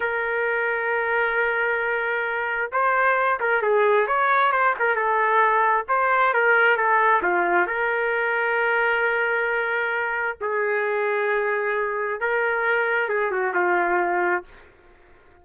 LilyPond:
\new Staff \with { instrumentName = "trumpet" } { \time 4/4 \tempo 4 = 133 ais'1~ | ais'2 c''4. ais'8 | gis'4 cis''4 c''8 ais'8 a'4~ | a'4 c''4 ais'4 a'4 |
f'4 ais'2.~ | ais'2. gis'4~ | gis'2. ais'4~ | ais'4 gis'8 fis'8 f'2 | }